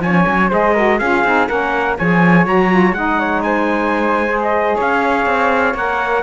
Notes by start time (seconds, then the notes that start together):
0.00 F3 C#4 C#5 G#5
0.27 F#3
0.49 G#3 G#4 C5 D#5
0.73 F#4 A#4
0.98 C#4 F4 G#4 F5
1.24 C4 D#4
1.47 A#3 C#4 A#4 F#5
1.97 F3 G#4 C#5 G#5
2.46 F#3 F#4 A#5
2.69 F4
2.92 G#3 D#4 D#5 F#5
3.19 C#5
3.42 C5 G#5
4.27 G#4
4.42 D#5
4.75 C#4 C#5 F5
5.26 C4
5.74 A#3 A#4 F#5